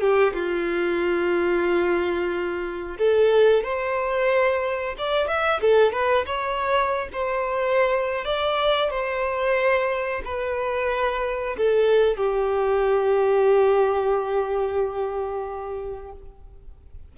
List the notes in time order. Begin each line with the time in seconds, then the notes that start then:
0.00 G4
0.33 F4
2.98 A4
3.63 C5
4.98 D5
5.27 E5
5.61 A4
5.92 B4
6.25 C#5
7.12 C5
8.25 D5
8.90 C5
10.24 B4
11.57 A4
12.17 G4